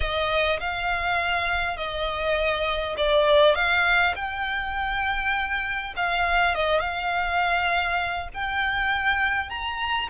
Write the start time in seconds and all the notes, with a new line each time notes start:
0.00 D#5
0.60 F5
1.76 D#5
2.97 D5
3.55 F5
4.15 G5
5.96 F5
6.54 D#5
6.79 F5
8.34 G5
9.49 A#5